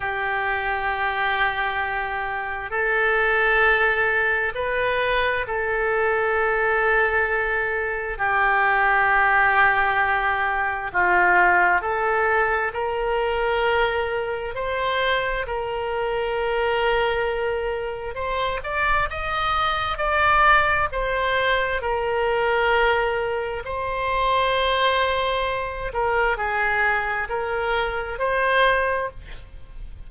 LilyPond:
\new Staff \with { instrumentName = "oboe" } { \time 4/4 \tempo 4 = 66 g'2. a'4~ | a'4 b'4 a'2~ | a'4 g'2. | f'4 a'4 ais'2 |
c''4 ais'2. | c''8 d''8 dis''4 d''4 c''4 | ais'2 c''2~ | c''8 ais'8 gis'4 ais'4 c''4 | }